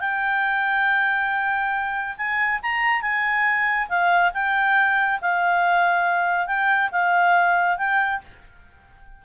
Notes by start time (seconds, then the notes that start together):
0.00 G5
2.17 G#5
2.62 A#5
3.02 G#5
3.88 F5
4.33 G5
5.21 F5
6.47 G5
6.91 F5
7.77 G5